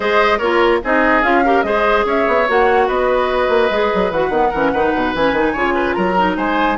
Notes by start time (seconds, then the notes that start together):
0.00 G#3 G#4 C5 D#5
0.38 A#3 F4 A#4 C#5
0.83 C4 D#4 G#4 D#5
1.22 C#4 F4 F5
1.44 G4 A#4
1.62 G#3 G#4 C5 D#5
2.05 C#4 C#5 E5
2.27 B3
2.48 A#3 F#4 F#5
2.87 B3 B4 D#5
3.49 A#3
3.70 G#3 G#4
3.94 F#3
4.11 E3 F#4 F#5
4.29 D#3 B3
4.50 E3 C#4 A#4
4.73 D#3 D#4 B4
4.94 B2
5.14 E3 C#4 G#5
5.32 D#3 D#4
5.52 C#3 F4 C#5
5.74 B4
5.93 F#3 A#4 A#5
6.16 D#4
6.36 G#3 C5 G#5